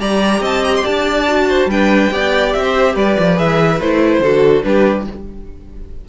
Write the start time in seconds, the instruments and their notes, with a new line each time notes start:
0.00 cello G3, viola G4, violin D5 A#5
0.41 cello C4, violin D#5 A5
0.65 violin A#5
0.77 violin D5 C6
0.85 cello D4, violin A5
1.28 viola F#4
1.49 violin C5
1.66 cello G3, viola D4, violin B4 G5
2.11 cello B3, viola G4, violin D5
2.53 cello C4, violin E5
2.62 violin C5
2.94 cello G3, violin B4 D5
3.19 cello F3
3.36 cello E3, viola G#4, violin E5
3.81 cello A3, viola E4, violin C5
4.20 cello D3, viola F#4, violin A4
4.63 cello G3, viola D4, violin G4 B4